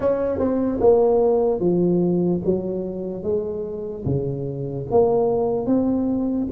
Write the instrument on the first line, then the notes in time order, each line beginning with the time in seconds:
tuba
0.00 C#4
0.38 C4
0.80 A#3
1.60 F3
2.44 F#3
3.23 G#3
4.05 C#3
4.90 A#3
5.66 C4